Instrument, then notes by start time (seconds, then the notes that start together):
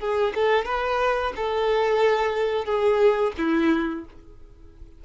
violin
0.00 G#4
0.35 A4
0.66 B4
1.36 A4
2.66 G#4
3.38 E4